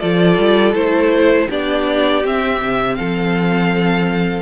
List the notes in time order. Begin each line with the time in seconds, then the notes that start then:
0.00 F3 F4 A4 D5
0.38 G3
0.75 A3 E4 C5
1.48 B3 D4 G4 D5
2.24 C4 E5
2.62 C3
2.96 F3 A4 F5